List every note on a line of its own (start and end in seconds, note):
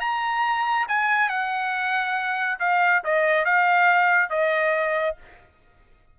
0.00 0.86 A#5
0.88 1.29 G#5
1.29 2.58 F#5
2.59 3.02 F5
3.04 3.45 D#5
3.45 4.29 F5
4.29 5.16 D#5